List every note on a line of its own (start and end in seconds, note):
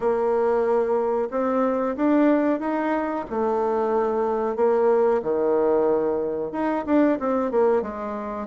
0.00 1.28 A#3
1.30 1.96 C4
1.96 2.59 D4
2.59 3.24 D#4
3.29 4.56 A3
4.56 5.21 A#3
5.22 6.52 D#3
6.52 6.84 D#4
6.85 7.18 D4
7.19 7.51 C4
7.51 7.82 A#3
7.82 8.47 G#3